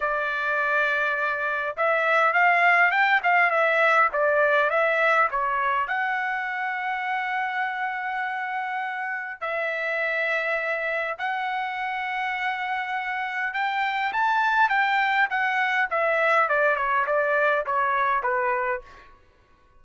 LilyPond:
\new Staff \with { instrumentName = "trumpet" } { \time 4/4 \tempo 4 = 102 d''2. e''4 | f''4 g''8 f''8 e''4 d''4 | e''4 cis''4 fis''2~ | fis''1 |
e''2. fis''4~ | fis''2. g''4 | a''4 g''4 fis''4 e''4 | d''8 cis''8 d''4 cis''4 b'4 | }